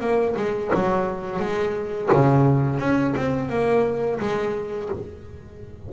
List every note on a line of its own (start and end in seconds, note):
0.00 0.35 A#3
0.36 0.71 G#3
0.74 1.39 F#3
1.39 2.09 G#3
2.12 2.79 C#3
2.79 3.14 C#4
3.16 3.49 C4
3.49 4.19 A#3
4.19 4.89 G#3